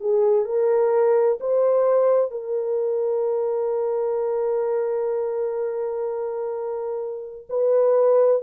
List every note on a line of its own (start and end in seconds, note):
0.00 0.45 G#4
0.45 1.38 A#4
1.40 2.31 C5
2.31 7.47 A#4
7.49 8.42 B4